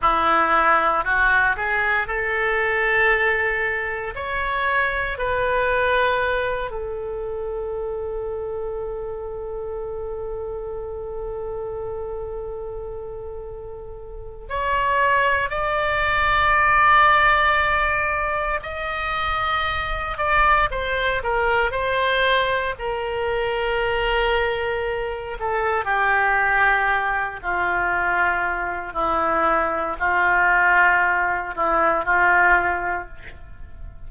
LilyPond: \new Staff \with { instrumentName = "oboe" } { \time 4/4 \tempo 4 = 58 e'4 fis'8 gis'8 a'2 | cis''4 b'4. a'4.~ | a'1~ | a'2 cis''4 d''4~ |
d''2 dis''4. d''8 | c''8 ais'8 c''4 ais'2~ | ais'8 a'8 g'4. f'4. | e'4 f'4. e'8 f'4 | }